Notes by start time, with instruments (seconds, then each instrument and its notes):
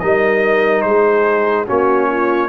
0.00 tuba G3, trombone D#4, horn A#4, trumpet D#5
0.82 tuba G#3, horn G#4, trumpet C5
1.67 tuba A#3, trombone C#4, horn F#4, trumpet C#5
2.09 horn F4